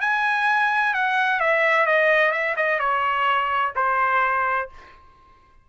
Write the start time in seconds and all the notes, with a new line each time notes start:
0.00 G#5
0.94 F#5
1.40 E5
1.86 D#5
2.31 E5
2.56 D#5
2.79 C#5
3.75 C5